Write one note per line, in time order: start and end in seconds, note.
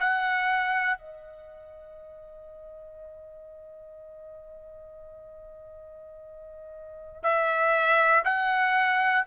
0.00 0.99 F#5
0.99 7.23 D#5
7.23 8.23 E5
8.25 9.25 F#5